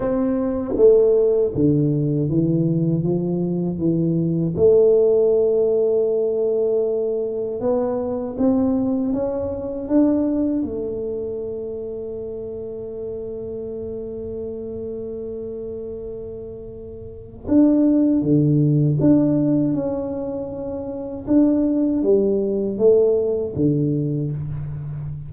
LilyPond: \new Staff \with { instrumentName = "tuba" } { \time 4/4 \tempo 4 = 79 c'4 a4 d4 e4 | f4 e4 a2~ | a2 b4 c'4 | cis'4 d'4 a2~ |
a1~ | a2. d'4 | d4 d'4 cis'2 | d'4 g4 a4 d4 | }